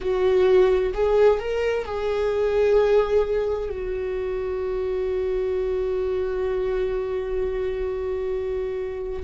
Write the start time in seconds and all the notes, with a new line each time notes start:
0.00 F#4
0.93 G#4
1.39 A#4
1.85 G#4
3.69 F#4